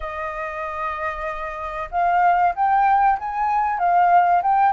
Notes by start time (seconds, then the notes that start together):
0.00 D#5
1.91 F5
2.55 G5
3.18 G#5
3.79 F5
4.42 G5